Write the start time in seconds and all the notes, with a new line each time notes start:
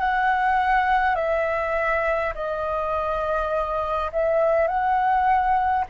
0.00 F#5
1.16 E5
2.35 D#5
4.12 E5
4.68 F#5